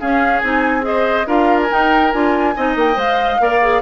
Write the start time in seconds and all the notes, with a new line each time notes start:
0.00 C#4 G#4 F5
0.39 C4 D#4 G#5
0.81 G#4 C5 D#5
1.26 D4 F4 A#4 F5
1.62 G#5
1.69 D#4 G5
2.12 D4 F4 G#5
2.56 C4 D#4 D#5
2.76 A#3 G5
2.94 G#3 C5 F5
3.40 A#3 A#4 D5
3.61 G#4